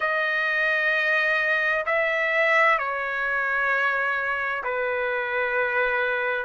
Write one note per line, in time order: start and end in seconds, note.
0.00 1.85 D#5
1.86 2.78 E5
2.78 4.63 C#5
4.63 6.45 B4